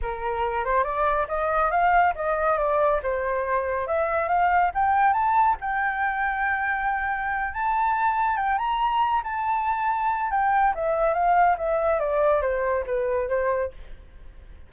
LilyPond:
\new Staff \with { instrumentName = "flute" } { \time 4/4 \tempo 4 = 140 ais'4. c''8 d''4 dis''4 | f''4 dis''4 d''4 c''4~ | c''4 e''4 f''4 g''4 | a''4 g''2.~ |
g''4. a''2 g''8 | ais''4. a''2~ a''8 | g''4 e''4 f''4 e''4 | d''4 c''4 b'4 c''4 | }